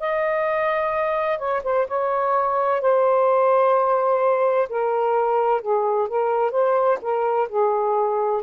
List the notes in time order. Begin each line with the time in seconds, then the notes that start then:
0.00 D#5
1.38 C#5
1.64 C5
1.87 C#5
2.81 C5
4.69 A#4
5.61 G#4
6.08 A#4
6.51 C5
7.01 A#4
7.49 G#4